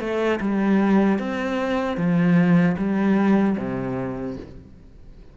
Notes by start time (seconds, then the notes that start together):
0.00 A3
0.41 G3
1.19 C4
1.97 F3
2.77 G3
3.58 C3